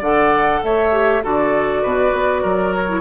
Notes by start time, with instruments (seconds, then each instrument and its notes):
0.00 bassoon D3, clarinet A4, oboe D5, flute F#5
0.64 bassoon A3, oboe C#5, flute E5
0.92 clarinet G4
1.24 bassoon D3, clarinet F#4, oboe A4, flute D5
1.83 bassoon B2, oboe B4
2.14 bassoon B3
2.43 bassoon F#3, oboe A#4
2.75 flute C#5
2.89 clarinet E4